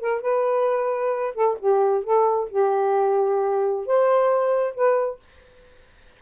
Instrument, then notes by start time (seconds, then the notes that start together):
saxophone
0.00 A#4
0.21 B4
1.34 A4
1.59 G4
2.04 A4
2.49 G4
3.86 C5
4.74 B4